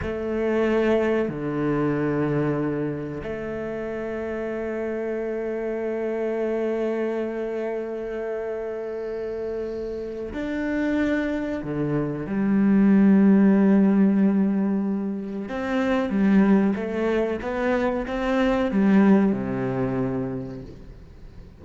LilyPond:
\new Staff \with { instrumentName = "cello" } { \time 4/4 \tempo 4 = 93 a2 d2~ | d4 a2.~ | a1~ | a1 |
d'2 d4 g4~ | g1 | c'4 g4 a4 b4 | c'4 g4 c2 | }